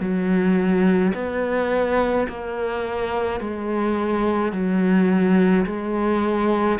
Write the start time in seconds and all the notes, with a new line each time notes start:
0.00 F#3
1.14 B3
2.28 A#3
3.40 G#3
4.52 F#3
5.66 G#3